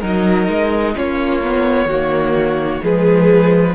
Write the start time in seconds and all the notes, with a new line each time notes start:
0.00 F#3 D#4 A#4 D#5
0.48 G#3
0.95 A#3 C#4 F4 C#5
1.43 B3
1.85 D#3 A#3 F#4
2.81 F3 G#3 G#4 B4